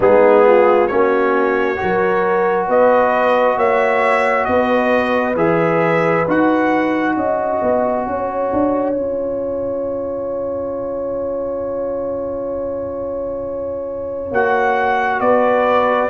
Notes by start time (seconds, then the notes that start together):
0.00 G#3 B3 D#4 G#4
0.46 F4
0.87 A#3 C#4 F#4 C#5
1.76 F#4 A#4
1.82 F#3
2.67 B3 B4 D#5
3.56 A#3 C#5 E5
4.44 B3 B4 D#5
5.35 E3 G#4 E5
6.27 D#4 F#4 F#5
7.15 C#4 D#5 G#5
7.62 B3
8.06 C#4 C#5
8.52 D4
8.94 C#4 F4
14.31 A#3 F#4 F#5
15.19 B3 B4 D5